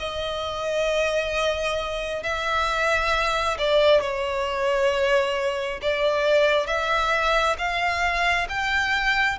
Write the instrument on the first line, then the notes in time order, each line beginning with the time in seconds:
violin
0.00 D#5
2.23 E5
3.59 D5
4.01 C#5
5.82 D5
6.67 E5
7.58 F5
8.50 G5